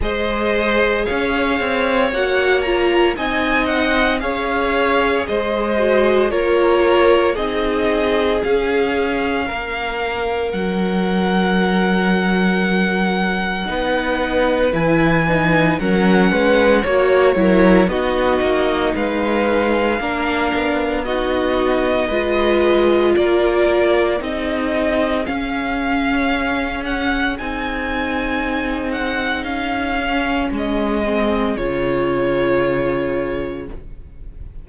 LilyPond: <<
  \new Staff \with { instrumentName = "violin" } { \time 4/4 \tempo 4 = 57 dis''4 f''4 fis''8 ais''8 gis''8 fis''8 | f''4 dis''4 cis''4 dis''4 | f''2 fis''2~ | fis''2 gis''4 fis''4 |
cis''4 dis''4 f''2 | dis''2 d''4 dis''4 | f''4. fis''8 gis''4. fis''8 | f''4 dis''4 cis''2 | }
  \new Staff \with { instrumentName = "violin" } { \time 4/4 c''4 cis''2 dis''4 | cis''4 c''4 ais'4 gis'4~ | gis'4 ais'2.~ | ais'4 b'2 ais'8 b'8 |
cis''8 ais'8 fis'4 b'4 ais'4 | fis'4 b'4 ais'4 gis'4~ | gis'1~ | gis'1 | }
  \new Staff \with { instrumentName = "viola" } { \time 4/4 gis'2 fis'8 f'8 dis'4 | gis'4. fis'8 f'4 dis'4 | cis'1~ | cis'4 dis'4 e'8 dis'8 cis'4 |
fis'8 e'8 dis'2 d'4 | dis'4 f'2 dis'4 | cis'2 dis'2~ | dis'8 cis'4 c'8 f'2 | }
  \new Staff \with { instrumentName = "cello" } { \time 4/4 gis4 cis'8 c'8 ais4 c'4 | cis'4 gis4 ais4 c'4 | cis'4 ais4 fis2~ | fis4 b4 e4 fis8 gis8 |
ais8 fis8 b8 ais8 gis4 ais8 b8~ | b4 gis4 ais4 c'4 | cis'2 c'2 | cis'4 gis4 cis2 | }
>>